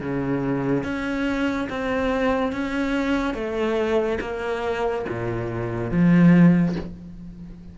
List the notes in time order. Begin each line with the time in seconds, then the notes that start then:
0.00 C#3
0.83 C#4
1.69 C4
2.52 C#4
3.34 A3
4.20 A#3
5.09 A#2
5.91 F3